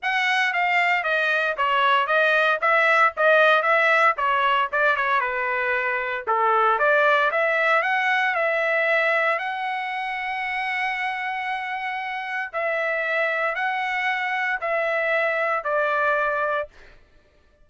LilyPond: \new Staff \with { instrumentName = "trumpet" } { \time 4/4 \tempo 4 = 115 fis''4 f''4 dis''4 cis''4 | dis''4 e''4 dis''4 e''4 | cis''4 d''8 cis''8 b'2 | a'4 d''4 e''4 fis''4 |
e''2 fis''2~ | fis''1 | e''2 fis''2 | e''2 d''2 | }